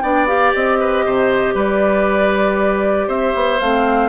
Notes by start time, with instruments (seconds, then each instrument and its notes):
0.00 bassoon B3, clarinet D4, oboe D5, flute G5
0.27 clarinet G4, flute F5
0.54 bassoon C4, flute D#5
0.79 oboe B4
1.05 bassoon C3, oboe C5
1.54 bassoon G3, oboe B4, flute D5
3.07 bassoon C4, oboe C5, flute E5
3.35 bassoon B3
3.60 bassoon A3, clarinet C4, flute F5